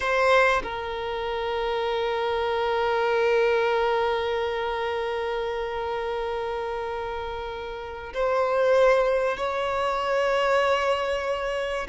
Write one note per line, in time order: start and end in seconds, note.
0.00 0.62 C5
0.62 8.12 A#4
8.13 9.37 C5
9.37 11.87 C#5